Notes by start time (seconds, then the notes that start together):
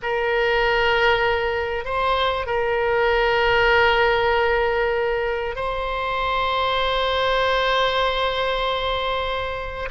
0.02 A#4
1.84 C5
2.46 A#4
5.55 C5